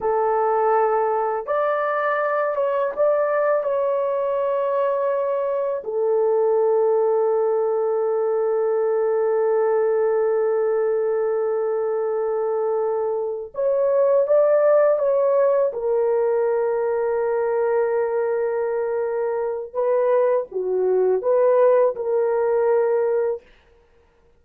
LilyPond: \new Staff \with { instrumentName = "horn" } { \time 4/4 \tempo 4 = 82 a'2 d''4. cis''8 | d''4 cis''2. | a'1~ | a'1~ |
a'2~ a'8 cis''4 d''8~ | d''8 cis''4 ais'2~ ais'8~ | ais'2. b'4 | fis'4 b'4 ais'2 | }